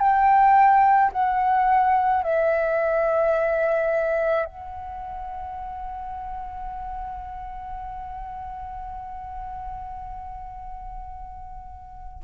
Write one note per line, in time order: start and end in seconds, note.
0.00 1.11 G5
1.12 2.23 F#5
2.23 4.45 E5
4.45 12.23 F#5